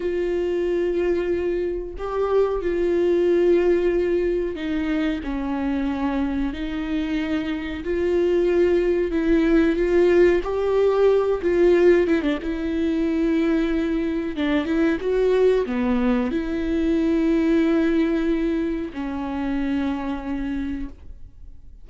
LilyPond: \new Staff \with { instrumentName = "viola" } { \time 4/4 \tempo 4 = 92 f'2. g'4 | f'2. dis'4 | cis'2 dis'2 | f'2 e'4 f'4 |
g'4. f'4 e'16 d'16 e'4~ | e'2 d'8 e'8 fis'4 | b4 e'2.~ | e'4 cis'2. | }